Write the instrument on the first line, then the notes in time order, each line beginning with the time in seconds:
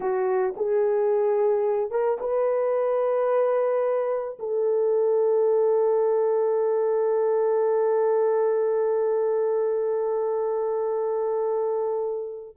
horn
0.00 F#4
0.56 G#4
1.90 A#4
2.20 B4
4.39 A4